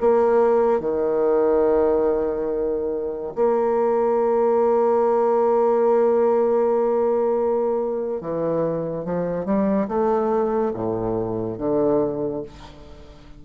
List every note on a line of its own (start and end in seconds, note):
0.00 0.80 A#3
0.80 3.33 D#3
3.35 8.20 A#3
8.20 9.04 E3
9.04 9.45 F3
9.45 9.87 G3
9.88 10.72 A3
10.73 11.58 A2
11.58 12.42 D3